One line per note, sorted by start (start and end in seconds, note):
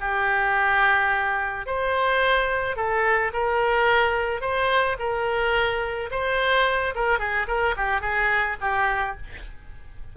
0.00 1.66 G4
1.66 2.76 C5
2.76 3.32 A4
3.33 4.41 A#4
4.41 4.96 C5
4.99 6.10 A#4
6.11 6.94 C5
6.95 7.19 A#4
7.19 7.47 G#4
7.47 7.75 A#4
7.76 8.01 G4
8.01 8.57 G#4
8.61 9.16 G4